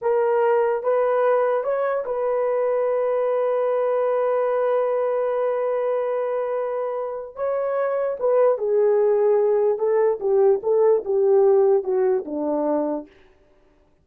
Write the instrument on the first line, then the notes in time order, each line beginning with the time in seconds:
horn
0.01 A#4
0.83 B4
1.63 C#5
2.05 B4
7.35 C#5
8.19 B4
8.58 G#4
9.78 A4
10.20 G4
10.62 A4
11.04 G4
11.83 F#4
12.25 D4